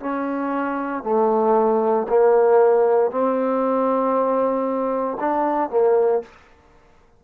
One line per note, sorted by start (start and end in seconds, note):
0.00 1.03 C#4
1.03 2.07 A3
2.09 3.11 A#3
3.11 5.18 C4
5.20 5.70 D4
5.70 6.22 A#3